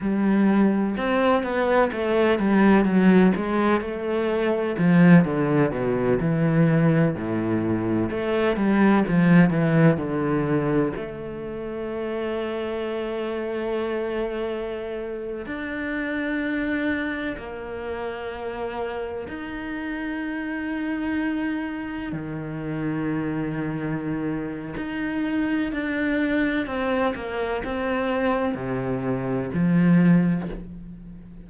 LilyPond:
\new Staff \with { instrumentName = "cello" } { \time 4/4 \tempo 4 = 63 g4 c'8 b8 a8 g8 fis8 gis8 | a4 f8 d8 b,8 e4 a,8~ | a,8 a8 g8 f8 e8 d4 a8~ | a1~ |
a16 d'2 ais4.~ ais16~ | ais16 dis'2. dis8.~ | dis2 dis'4 d'4 | c'8 ais8 c'4 c4 f4 | }